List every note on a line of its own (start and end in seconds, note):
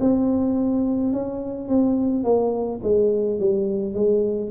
0.00 1.13 C4
1.13 1.68 C#4
1.68 2.23 C4
2.23 2.80 A#3
2.83 3.39 G#3
3.39 3.94 G3
3.94 4.50 G#3